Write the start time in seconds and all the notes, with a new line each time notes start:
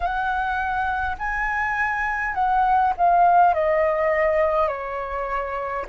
0.00 F#5
1.18 G#5
2.34 F#5
2.97 F5
3.53 D#5
4.67 C#5